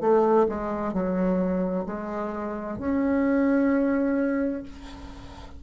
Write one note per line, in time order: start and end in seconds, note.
0.00 0.46 A3
0.49 0.93 G#3
0.93 1.85 F#3
1.85 2.78 G#3
2.78 4.62 C#4